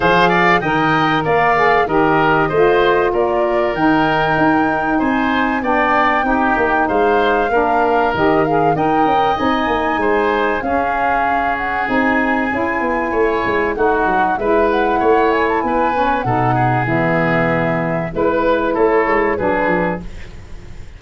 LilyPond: <<
  \new Staff \with { instrumentName = "flute" } { \time 4/4 \tempo 4 = 96 f''4 g''4 f''4 dis''4~ | dis''4 d''4 g''2 | gis''4 g''2 f''4~ | f''4 dis''8 f''8 g''4 gis''4~ |
gis''4 f''4. fis''8 gis''4~ | gis''2 fis''4 e''8 fis''8~ | fis''8 gis''16 a''16 gis''4 fis''4 e''4~ | e''4 b'4 cis''4 b'4 | }
  \new Staff \with { instrumentName = "oboe" } { \time 4/4 c''8 d''8 dis''4 d''4 ais'4 | c''4 ais'2. | c''4 d''4 g'4 c''4 | ais'2 dis''2 |
c''4 gis'2.~ | gis'4 cis''4 fis'4 b'4 | cis''4 b'4 a'8 gis'4.~ | gis'4 b'4 a'4 gis'4 | }
  \new Staff \with { instrumentName = "saxophone" } { \time 4/4 gis'4 ais'4. gis'8 g'4 | f'2 dis'2~ | dis'4 d'4 dis'2 | d'4 g'8 gis'8 ais'4 dis'4~ |
dis'4 cis'2 dis'4 | e'2 dis'4 e'4~ | e'4. cis'8 dis'4 b4~ | b4 e'2 d'4 | }
  \new Staff \with { instrumentName = "tuba" } { \time 4/4 f4 dis4 ais4 dis4 | a4 ais4 dis4 dis'4 | c'4 b4 c'8 ais8 gis4 | ais4 dis4 dis'8 cis'8 c'8 ais8 |
gis4 cis'2 c'4 | cis'8 b8 a8 gis8 a8 fis8 gis4 | a4 b4 b,4 e4~ | e4 gis4 a8 gis8 fis8 f8 | }
>>